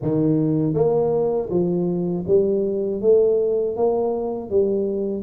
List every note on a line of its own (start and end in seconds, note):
0.02 0.73 D#3
0.73 1.48 A#3
1.50 2.25 F3
2.27 3.01 G3
3.01 3.76 A3
3.76 4.50 A#3
4.50 5.23 G3